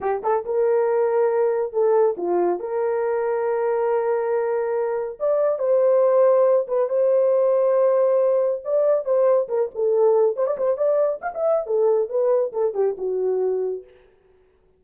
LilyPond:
\new Staff \with { instrumentName = "horn" } { \time 4/4 \tempo 4 = 139 g'8 a'8 ais'2. | a'4 f'4 ais'2~ | ais'1 | d''4 c''2~ c''8 b'8 |
c''1 | d''4 c''4 ais'8 a'4. | c''16 d''16 c''8 d''4 f''16 e''8. a'4 | b'4 a'8 g'8 fis'2 | }